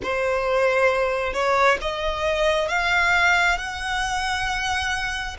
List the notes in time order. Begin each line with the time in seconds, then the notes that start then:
0.02 C5
1.33 C#5
1.81 D#5
2.68 F5
3.57 F#5